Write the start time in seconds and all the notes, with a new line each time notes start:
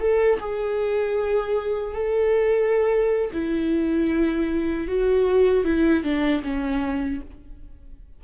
0.00 A4
0.40 G#4
1.94 A4
3.33 E4
4.88 F#4
5.65 E4
6.04 D4
6.43 C#4